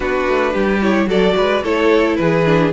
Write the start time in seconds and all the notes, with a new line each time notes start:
0.00 B3 D4 F#4 B4
0.27 A3
0.52 G3 G4
0.81 E4 C#5
1.06 F#3 F#4 A4 D5
1.36 G#3 B4
1.63 A3 E4 A4 C#5
2.16 E3 G#4 B4
2.45 D4